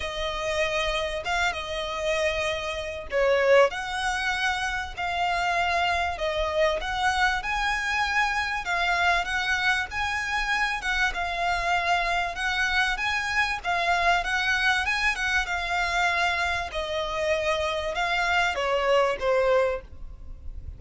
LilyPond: \new Staff \with { instrumentName = "violin" } { \time 4/4 \tempo 4 = 97 dis''2 f''8 dis''4.~ | dis''4 cis''4 fis''2 | f''2 dis''4 fis''4 | gis''2 f''4 fis''4 |
gis''4. fis''8 f''2 | fis''4 gis''4 f''4 fis''4 | gis''8 fis''8 f''2 dis''4~ | dis''4 f''4 cis''4 c''4 | }